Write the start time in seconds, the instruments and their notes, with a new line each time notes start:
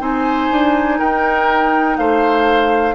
0.00 bassoon C4, clarinet D#4, oboe C5, flute G#5
0.52 bassoon D4
0.99 bassoon D#4, oboe A#4, flute G5
1.98 bassoon A3, oboe C5, flute F5